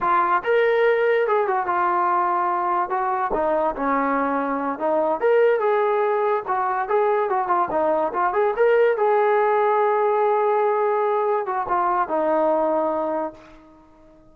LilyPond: \new Staff \with { instrumentName = "trombone" } { \time 4/4 \tempo 4 = 144 f'4 ais'2 gis'8 fis'8 | f'2. fis'4 | dis'4 cis'2~ cis'8 dis'8~ | dis'8 ais'4 gis'2 fis'8~ |
fis'8 gis'4 fis'8 f'8 dis'4 f'8 | gis'8 ais'4 gis'2~ gis'8~ | gis'2.~ gis'8 fis'8 | f'4 dis'2. | }